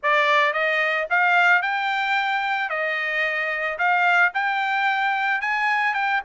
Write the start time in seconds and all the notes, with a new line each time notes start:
0.02 D5
0.53 D#5
1.10 F5
1.62 G5
2.69 D#5
3.78 F5
4.34 G5
5.41 G#5
5.94 G5